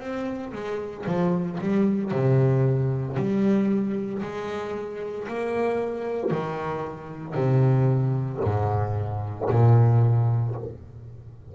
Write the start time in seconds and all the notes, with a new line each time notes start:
0.00 C4
0.53 G#3
1.07 F3
1.61 G3
2.11 C3
3.17 G3
4.22 G#3
5.28 A#3
6.31 D#3
7.35 C3
8.44 G#2
9.50 A#2